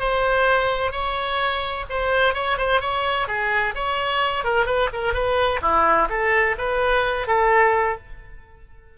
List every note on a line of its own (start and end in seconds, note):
0.00 0.92 C5
0.92 1.85 C#5
1.90 2.34 C5
2.34 2.58 C#5
2.58 2.81 C5
2.81 3.28 C#5
3.28 3.75 G#4
3.75 4.44 C#5
4.44 4.66 A#4
4.66 4.90 B4
4.93 5.14 A#4
5.14 5.61 B4
5.62 6.09 E4
6.09 6.56 A4
6.58 7.28 B4
7.28 7.98 A4